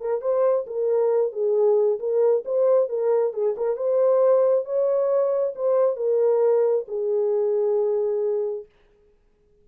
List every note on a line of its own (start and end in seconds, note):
0.00 0.21 A#4
0.21 0.66 C5
0.66 1.32 A#4
1.32 1.99 G#4
1.99 2.44 A#4
2.45 2.89 C5
2.89 3.33 A#4
3.33 3.55 G#4
3.57 3.77 A#4
3.77 4.65 C5
4.65 5.54 C#5
5.55 5.96 C5
5.96 6.85 A#4
6.88 8.65 G#4